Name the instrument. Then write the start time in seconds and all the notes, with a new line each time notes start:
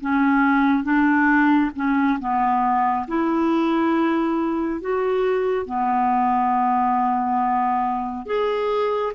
clarinet
0.00 C#4
0.83 D4
1.75 C#4
2.19 B3
3.08 E4
4.81 F#4
5.66 B3
8.26 G#4